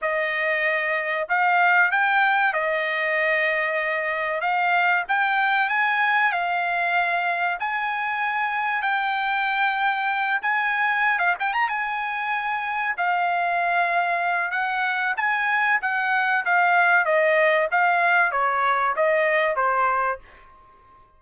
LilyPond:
\new Staff \with { instrumentName = "trumpet" } { \time 4/4 \tempo 4 = 95 dis''2 f''4 g''4 | dis''2. f''4 | g''4 gis''4 f''2 | gis''2 g''2~ |
g''8 gis''4~ gis''16 f''16 g''16 ais''16 gis''4.~ | gis''8 f''2~ f''8 fis''4 | gis''4 fis''4 f''4 dis''4 | f''4 cis''4 dis''4 c''4 | }